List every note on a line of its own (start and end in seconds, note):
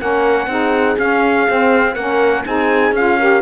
0.00 0.47 A#3
0.00 0.49 C#4
0.00 0.50 A#4
0.00 0.99 F#5
0.47 0.96 C4
0.47 0.98 D#4
0.47 1.95 G#4
0.99 1.48 C#4
0.99 1.47 C#4
0.99 1.95 F5
1.47 1.97 C4
1.47 1.96 C4
1.95 2.45 A#3
1.95 2.46 C#4
1.95 2.44 A#4
1.95 2.44 F#5
2.46 2.92 C4
2.46 2.95 D#4
2.46 3.19 G#4
2.46 2.95 G#5
2.92 3.41 C#4
2.92 3.20 F4
2.92 3.42 F5
3.19 3.42 G4
3.19 3.42 A#4